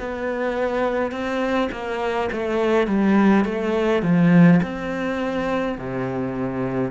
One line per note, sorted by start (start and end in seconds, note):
0.00 1.12 B3
1.12 1.69 C4
1.72 2.30 A#3
2.32 2.87 A3
2.87 3.45 G3
3.45 4.03 A3
4.03 4.60 F3
4.63 5.78 C4
5.78 6.91 C3